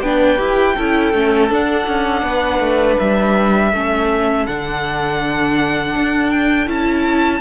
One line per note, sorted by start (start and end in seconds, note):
0.00 0.37 B3
0.00 0.37 D4
0.00 0.75 B4
0.00 1.50 G5
0.37 0.75 E4
0.37 0.74 G4
0.75 1.13 C#4
0.75 1.14 E4
0.75 2.23 A4
1.13 1.50 A3
1.13 1.50 C#4
1.50 3.72 D4
1.50 1.87 D4
1.50 2.99 F#5
1.87 2.22 C#4
2.22 2.59 B3
2.22 3.74 B4
2.59 2.96 A3
2.99 3.73 G3
2.99 4.46 E5
3.73 4.47 A3
3.73 4.48 C#4
3.73 7.40 A4
4.46 5.95 D3
4.46 6.66 D4
4.46 6.30 F#5
5.95 6.67 D4
6.30 6.67 G5
6.66 7.40 C#4
6.66 7.40 E4
6.66 7.40 A5